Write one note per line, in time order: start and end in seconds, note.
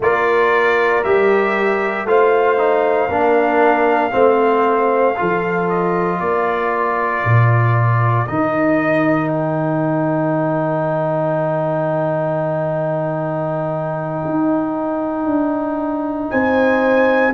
0.00 1.03 A#3
0.00 1.03 F4
0.00 2.08 A#4
0.00 1.03 D5
1.03 2.04 G3
1.03 2.07 G4
1.03 2.07 E5
2.04 3.08 A3
2.04 2.57 F4
2.04 3.08 C5
2.04 5.69 F5
2.57 3.09 D#4
3.08 4.12 A#3
3.08 4.11 D4
3.08 4.11 A#4
4.11 5.17 A3
4.11 5.14 C4
4.11 5.16 C5
5.16 6.20 F3
5.16 8.27 F4
5.16 6.19 A4
5.69 6.20 D#5
6.19 7.23 A#3
6.19 16.28 A#4
6.19 8.26 D5
7.25 8.28 A#2
8.26 14.24 D#3
8.26 17.33 D#4
8.26 9.28 D#5
9.28 16.26 G5
14.24 15.25 D#4
15.25 16.28 D4
16.30 17.33 C4
16.30 17.33 C5
16.30 17.33 G#5